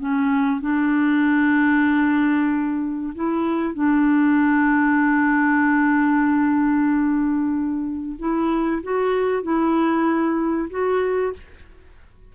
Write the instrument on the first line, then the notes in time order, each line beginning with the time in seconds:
clarinet
0.00 C#4
0.61 D4
3.15 E4
3.74 D4
8.19 E4
8.83 F#4
9.43 E4
10.71 F#4